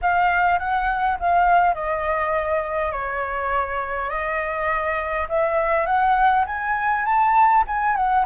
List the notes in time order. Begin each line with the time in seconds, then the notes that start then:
0.01 F5
0.58 F#5
1.19 F5
1.74 D#5
2.91 C#5
4.09 D#5
5.28 E5
5.85 F#5
6.46 G#5
7.05 A5
7.67 G#5
7.96 F#5